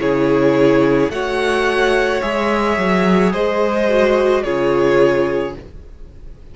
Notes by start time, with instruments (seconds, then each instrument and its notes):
0.00 cello C#3, viola E4, violin G#4 C#5
1.10 cello A3, viola F#4, violin C#5 F#5
2.22 cello G#3, viola G#4, violin E5
2.78 cello F#3
3.32 cello G#3, violin C5 D#5
3.89 viola F#4
4.43 cello C#3, viola F4, violin G#4 C#5